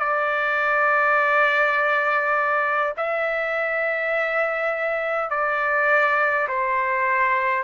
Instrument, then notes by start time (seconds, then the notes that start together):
trumpet
0.00 D5
2.97 E5
5.30 D5
6.49 C5